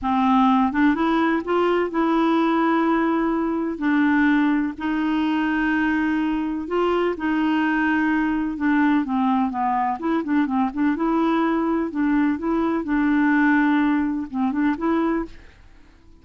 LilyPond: \new Staff \with { instrumentName = "clarinet" } { \time 4/4 \tempo 4 = 126 c'4. d'8 e'4 f'4 | e'1 | d'2 dis'2~ | dis'2 f'4 dis'4~ |
dis'2 d'4 c'4 | b4 e'8 d'8 c'8 d'8 e'4~ | e'4 d'4 e'4 d'4~ | d'2 c'8 d'8 e'4 | }